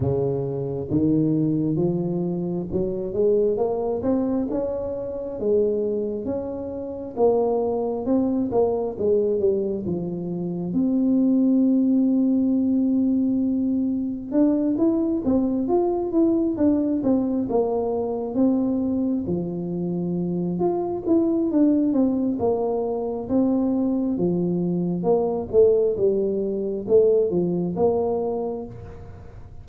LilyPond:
\new Staff \with { instrumentName = "tuba" } { \time 4/4 \tempo 4 = 67 cis4 dis4 f4 fis8 gis8 | ais8 c'8 cis'4 gis4 cis'4 | ais4 c'8 ais8 gis8 g8 f4 | c'1 |
d'8 e'8 c'8 f'8 e'8 d'8 c'8 ais8~ | ais8 c'4 f4. f'8 e'8 | d'8 c'8 ais4 c'4 f4 | ais8 a8 g4 a8 f8 ais4 | }